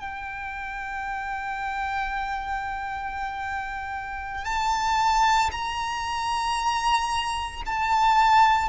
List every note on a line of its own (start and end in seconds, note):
0.00 4.45 G5
4.45 5.50 A5
5.52 7.62 A#5
7.66 8.68 A5